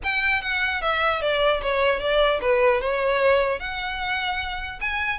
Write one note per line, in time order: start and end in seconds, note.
0.03 0.41 G5
0.41 0.81 F#5
0.81 1.21 E5
1.21 1.61 D5
1.61 1.99 C#5
1.99 2.39 D5
2.41 2.81 B4
2.81 3.59 C#5
3.59 4.79 F#5
4.81 5.18 G#5